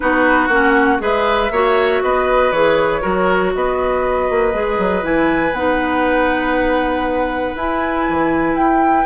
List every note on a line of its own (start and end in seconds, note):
0.00 0.48 B3
0.00 0.49 D#4
0.00 1.02 F#4
0.00 0.47 B4
0.47 0.98 A#3
0.47 0.98 C#4
0.47 0.98 F#5
0.98 1.50 G#3
0.98 1.49 G#4
0.98 1.52 B4
0.98 2.03 E5
1.50 2.01 A#3
1.50 2.53 F#4
1.50 2.02 C#5
2.02 2.51 B3
2.02 3.01 B4
2.02 2.51 D#5
2.51 3.01 E3
2.51 3.01 G#4
2.51 3.52 C#5
3.01 3.55 F#3
3.01 4.52 F#4
3.01 3.52 A#4
3.54 4.30 B3
3.54 9.06 B4
3.54 5.04 D#5
4.30 4.53 A#3
4.53 4.78 G#3
4.53 5.02 G#4
4.78 5.03 F#3
5.02 5.52 E3
5.02 5.52 E4
5.02 5.54 G#5
5.52 7.54 B3
5.52 7.57 D#4
5.52 7.55 F#5
7.55 8.05 E4
7.55 9.06 E4
7.55 8.56 G#5
8.09 8.54 E3
8.54 9.04 E4
8.54 9.06 G5